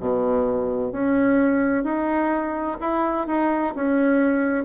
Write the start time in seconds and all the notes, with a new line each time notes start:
0.00 B2
0.92 C#4
1.84 D#4
2.81 E4
3.27 D#4
3.75 C#4